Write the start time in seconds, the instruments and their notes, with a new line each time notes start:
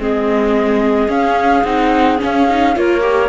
0.00 cello G#3, viola C4, clarinet G#4, flute D#5
1.09 cello C#4, viola C#4, flute F5
1.64 cello C4, viola D#4, flute F#5
2.19 viola C#4, cello C#4, flute F5
2.50 viola D#4
2.76 cello A#3, viola F4, clarinet A#4, flute C#5
3.01 viola G4